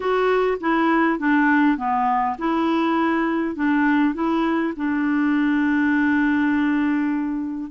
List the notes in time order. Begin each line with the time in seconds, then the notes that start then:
0.00 F#4
0.60 E4
1.19 D4
1.77 B3
2.38 E4
3.55 D4
4.14 E4
4.76 D4